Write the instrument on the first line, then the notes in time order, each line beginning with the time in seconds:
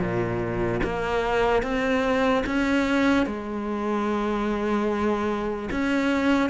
cello
0.00 A#2
0.84 A#3
1.63 C4
2.47 C#4
3.27 G#3
5.71 C#4